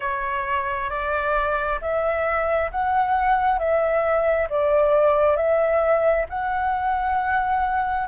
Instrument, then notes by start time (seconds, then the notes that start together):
flute
0.00 C#5
0.90 D5
1.81 E5
2.71 F#5
3.58 E5
4.49 D5
5.36 E5
6.29 F#5